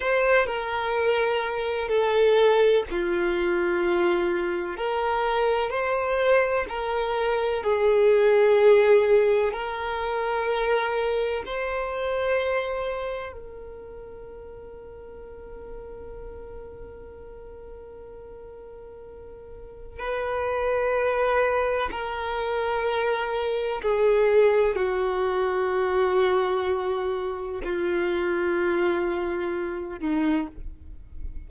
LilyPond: \new Staff \with { instrumentName = "violin" } { \time 4/4 \tempo 4 = 63 c''8 ais'4. a'4 f'4~ | f'4 ais'4 c''4 ais'4 | gis'2 ais'2 | c''2 ais'2~ |
ais'1~ | ais'4 b'2 ais'4~ | ais'4 gis'4 fis'2~ | fis'4 f'2~ f'8 dis'8 | }